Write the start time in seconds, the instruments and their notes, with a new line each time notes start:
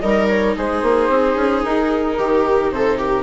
0.00 bassoon G3, viola D#4 A#4, flute D#5
0.28 flute C#5
0.56 bassoon G#3, viola G#4, flute C5
0.82 bassoon A#3
1.09 bassoon C4
1.35 bassoon C#4
1.64 bassoon D#4, flute A#4
2.18 bassoon D#3, viola G4
2.71 bassoon C3, viola A4, flute C5
2.98 viola G4, flute A#4